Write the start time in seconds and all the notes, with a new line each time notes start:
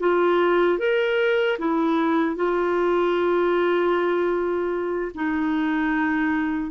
0.00 F4
0.79 A#4
1.59 E4
2.36 F4
5.15 D#4